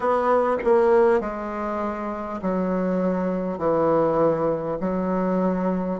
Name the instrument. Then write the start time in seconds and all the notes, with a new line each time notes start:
bassoon
0.00 B3
0.64 A#3
1.20 G#3
2.42 F#3
3.58 E3
4.80 F#3